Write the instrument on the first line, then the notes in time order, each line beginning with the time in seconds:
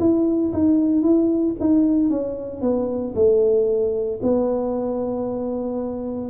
tuba
0.00 E4
0.53 D#4
1.02 E4
1.60 D#4
2.10 C#4
2.62 B3
3.15 A3
4.23 B3